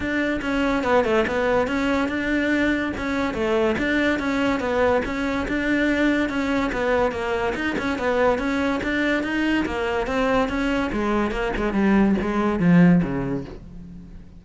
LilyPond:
\new Staff \with { instrumentName = "cello" } { \time 4/4 \tempo 4 = 143 d'4 cis'4 b8 a8 b4 | cis'4 d'2 cis'4 | a4 d'4 cis'4 b4 | cis'4 d'2 cis'4 |
b4 ais4 dis'8 cis'8 b4 | cis'4 d'4 dis'4 ais4 | c'4 cis'4 gis4 ais8 gis8 | g4 gis4 f4 cis4 | }